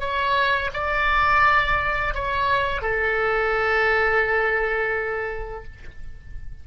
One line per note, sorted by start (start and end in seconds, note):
0.00 0.71 C#5
0.73 2.15 D5
2.15 2.82 C#5
2.82 5.64 A4